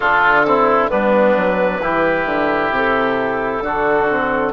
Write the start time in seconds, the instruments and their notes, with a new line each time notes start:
0.00 bassoon D3, trombone D4, oboe F4, clarinet A4
0.45 trombone C4, oboe E4
0.89 bassoon G3, trombone B3, oboe D4, clarinet B4
1.36 bassoon F#3
1.81 bassoon E3, trombone E4, oboe G4
2.25 bassoon D3
2.70 bassoon C3, clarinet A4
3.61 bassoon D3, trombone D4, oboe F#4
4.09 trombone C4